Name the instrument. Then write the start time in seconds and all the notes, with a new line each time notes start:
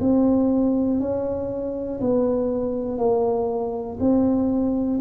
tuba
0.00 C4
1.00 C#4
2.00 B3
2.98 A#3
4.00 C4